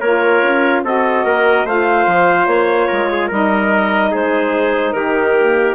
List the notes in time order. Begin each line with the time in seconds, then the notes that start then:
0.00 A#3 F4 A#4 C#5
0.43 C#4
0.84 C4 F#4 A4 D#5
1.25 A#3 A#4
1.65 A3 F4 C5 F5
2.07 F3
2.47 A#3 C#5
2.88 G#3 A#4
3.12 G#4
3.28 G3 D#4 A#4 D#5
4.11 G#3 G#4 C5
4.93 D#3 G4 A#4
5.38 A#3